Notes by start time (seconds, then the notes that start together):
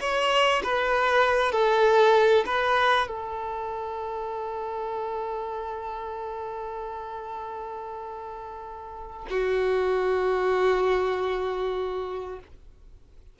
0.00 C#5
0.63 B4
1.52 A4
2.46 B4
3.08 A4
9.30 F#4